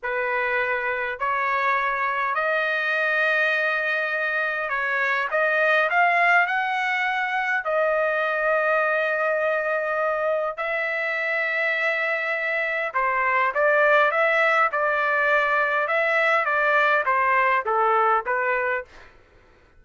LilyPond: \new Staff \with { instrumentName = "trumpet" } { \time 4/4 \tempo 4 = 102 b'2 cis''2 | dis''1 | cis''4 dis''4 f''4 fis''4~ | fis''4 dis''2.~ |
dis''2 e''2~ | e''2 c''4 d''4 | e''4 d''2 e''4 | d''4 c''4 a'4 b'4 | }